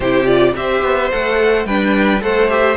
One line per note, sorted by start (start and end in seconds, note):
0.00 0.55 C3
0.00 0.26 E4
0.00 0.54 G4
0.00 0.26 C5
0.26 0.53 F4
0.26 0.54 D5
0.55 0.82 C4
0.55 1.11 G4
0.55 1.66 C5
0.55 1.11 E5
0.82 1.10 B3
1.11 1.65 A3
1.11 1.67 A4
1.11 1.66 F#5
1.65 2.20 G3
1.65 2.20 D4
1.65 2.22 B4
1.65 2.21 G5
2.20 2.76 A3
2.20 2.48 A4
2.20 2.76 C5
2.20 2.49 F#5
2.49 2.76 G4
2.49 2.76 E5